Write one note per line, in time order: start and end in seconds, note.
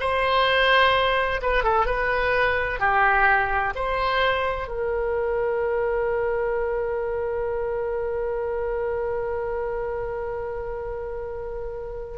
0.00 1.41 C5
1.42 1.63 B4
1.63 1.86 A4
1.86 2.80 B4
2.80 3.73 G4
3.75 4.67 C5
4.67 12.17 A#4